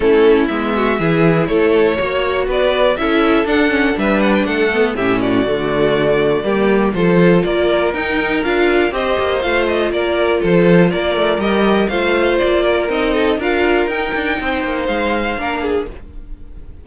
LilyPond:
<<
  \new Staff \with { instrumentName = "violin" } { \time 4/4 \tempo 4 = 121 a'4 e''2 cis''4~ | cis''4 d''4 e''4 fis''4 | e''8 fis''16 g''16 fis''4 e''8 d''4.~ | d''2 c''4 d''4 |
g''4 f''4 dis''4 f''8 dis''8 | d''4 c''4 d''4 dis''4 | f''4 d''4 dis''4 f''4 | g''2 f''2 | }
  \new Staff \with { instrumentName = "violin" } { \time 4/4 e'4. fis'8 gis'4 a'4 | cis''4 b'4 a'2 | b'4 a'4 g'8 fis'4.~ | fis'4 g'4 a'4 ais'4~ |
ais'2 c''2 | ais'4 a'4 ais'2 | c''4. ais'4 a'8 ais'4~ | ais'4 c''2 ais'8 gis'8 | }
  \new Staff \with { instrumentName = "viola" } { \time 4/4 cis'4 b4 e'2 | fis'2 e'4 d'8 cis'8 | d'4. b8 cis'4 a4~ | a4 ais4 f'2 |
dis'4 f'4 g'4 f'4~ | f'2. g'4 | f'2 dis'4 f'4 | dis'2. d'4 | }
  \new Staff \with { instrumentName = "cello" } { \time 4/4 a4 gis4 e4 a4 | ais4 b4 cis'4 d'4 | g4 a4 a,4 d4~ | d4 g4 f4 ais4 |
dis'4 d'4 c'8 ais8 a4 | ais4 f4 ais8 a8 g4 | a4 ais4 c'4 d'4 | dis'8 d'8 c'8 ais8 gis4 ais4 | }
>>